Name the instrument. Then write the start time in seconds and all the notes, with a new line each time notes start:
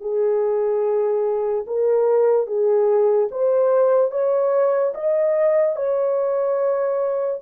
horn
0.00 G#4
1.67 A#4
2.47 G#4
3.31 C5
4.11 C#5
4.94 D#5
5.76 C#5